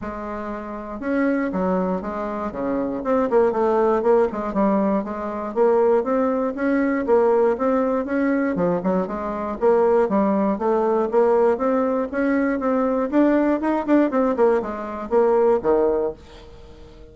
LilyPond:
\new Staff \with { instrumentName = "bassoon" } { \time 4/4 \tempo 4 = 119 gis2 cis'4 fis4 | gis4 cis4 c'8 ais8 a4 | ais8 gis8 g4 gis4 ais4 | c'4 cis'4 ais4 c'4 |
cis'4 f8 fis8 gis4 ais4 | g4 a4 ais4 c'4 | cis'4 c'4 d'4 dis'8 d'8 | c'8 ais8 gis4 ais4 dis4 | }